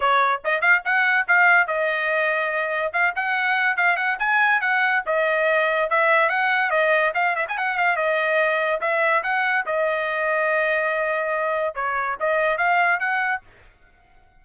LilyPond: \new Staff \with { instrumentName = "trumpet" } { \time 4/4 \tempo 4 = 143 cis''4 dis''8 f''8 fis''4 f''4 | dis''2. f''8 fis''8~ | fis''4 f''8 fis''8 gis''4 fis''4 | dis''2 e''4 fis''4 |
dis''4 f''8 e''16 gis''16 fis''8 f''8 dis''4~ | dis''4 e''4 fis''4 dis''4~ | dis''1 | cis''4 dis''4 f''4 fis''4 | }